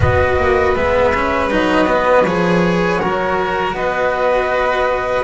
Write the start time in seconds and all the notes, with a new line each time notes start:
0.00 B3 F#4 B4 D#5
0.37 A#3
0.75 G#3 B3 E5
1.14 C#4
1.50 F#3 D#4 D#5
1.86 B3
2.24 F3 G#4 C#5
2.99 F#3 F#4 A#4
3.73 B3 B4 D#5